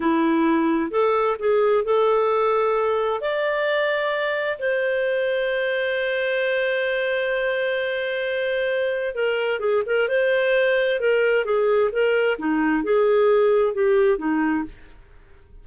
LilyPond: \new Staff \with { instrumentName = "clarinet" } { \time 4/4 \tempo 4 = 131 e'2 a'4 gis'4 | a'2. d''4~ | d''2 c''2~ | c''1~ |
c''1 | ais'4 gis'8 ais'8 c''2 | ais'4 gis'4 ais'4 dis'4 | gis'2 g'4 dis'4 | }